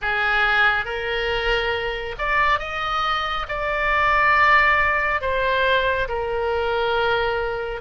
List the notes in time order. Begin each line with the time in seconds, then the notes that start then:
0.01 G#4
0.85 A#4
2.18 D5
2.59 D#5
3.48 D5
5.21 C5
6.08 A#4